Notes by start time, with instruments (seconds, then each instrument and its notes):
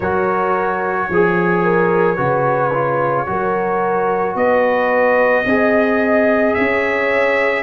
0.00 tuba F#3, trombone F#4, horn A#4, trumpet C#5
1.09 tuba F3, horn G#4, trombone G#4
1.63 horn A#4
2.15 tuba C#3, trombone F#4, horn B4
2.73 trombone F4
3.26 tuba F#3, trombone F#4, horn A#4
4.35 tuba B3, horn B4, trumpet D#5
5.45 tuba C4, trombone G#4, horn D#5
6.54 tuba C#4, horn C#5, trumpet E5